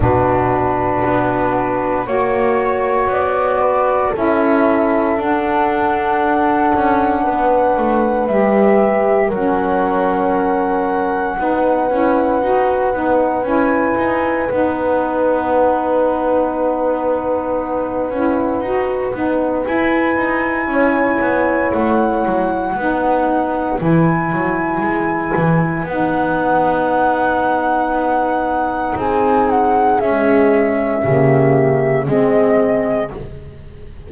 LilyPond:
<<
  \new Staff \with { instrumentName = "flute" } { \time 4/4 \tempo 4 = 58 b'2 cis''4 d''4 | e''4 fis''2. | e''4 fis''2.~ | fis''4 gis''4 fis''2~ |
fis''2. gis''4~ | gis''4 fis''2 gis''4~ | gis''4 fis''2. | gis''8 fis''8 e''2 dis''4 | }
  \new Staff \with { instrumentName = "horn" } { \time 4/4 fis'2 cis''4. b'8 | a'2. b'4~ | b'4 ais'2 b'4~ | b'1~ |
b'1 | cis''2 b'2~ | b'1 | gis'2 g'4 gis'4 | }
  \new Staff \with { instrumentName = "saxophone" } { \time 4/4 d'2 fis'2 | e'4 d'2. | g'4 cis'2 dis'8 e'8 | fis'8 dis'8 e'4 dis'2~ |
dis'4. e'8 fis'8 dis'8 e'4~ | e'2 dis'4 e'4~ | e'4 dis'2.~ | dis'4 gis4 ais4 c'4 | }
  \new Staff \with { instrumentName = "double bass" } { \time 4/4 b,4 b4 ais4 b4 | cis'4 d'4. cis'8 b8 a8 | g4 fis2 b8 cis'8 | dis'8 b8 cis'8 dis'8 b2~ |
b4. cis'8 dis'8 b8 e'8 dis'8 | cis'8 b8 a8 fis8 b4 e8 fis8 | gis8 e8 b2. | c'4 cis'4 cis4 gis4 | }
>>